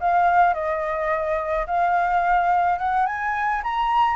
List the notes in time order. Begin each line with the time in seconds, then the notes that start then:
0.00 F5
0.54 D#5
1.66 F5
2.79 F#5
3.06 G#5
3.63 A#5